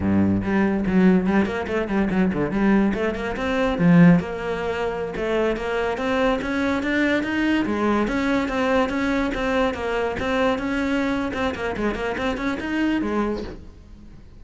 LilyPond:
\new Staff \with { instrumentName = "cello" } { \time 4/4 \tempo 4 = 143 g,4 g4 fis4 g8 ais8 | a8 g8 fis8 d8 g4 a8 ais8 | c'4 f4 ais2~ | ais16 a4 ais4 c'4 cis'8.~ |
cis'16 d'4 dis'4 gis4 cis'8.~ | cis'16 c'4 cis'4 c'4 ais8.~ | ais16 c'4 cis'4.~ cis'16 c'8 ais8 | gis8 ais8 c'8 cis'8 dis'4 gis4 | }